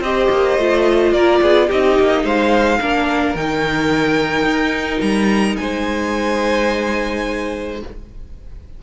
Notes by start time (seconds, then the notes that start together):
0.00 C4 G4 C5 D#5
0.29 A#3
0.57 A3 F4
1.12 A#3 A#4 D5
1.41 B3 G#4
1.67 C4 D#4 G4 D#5
1.99 A#3
2.23 G#3 C5 F5
2.80 A#3 D4 A#4
3.35 D#3 D#4 G5
4.43 D#4
5.00 G3 A#5
5.56 G#3 C5 G#5